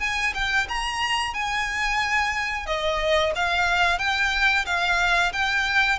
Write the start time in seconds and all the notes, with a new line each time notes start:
0.00 G#5
0.34 G5
0.68 A#5
1.34 G#5
2.66 D#5
3.35 F5
3.98 G5
4.65 F5
5.32 G5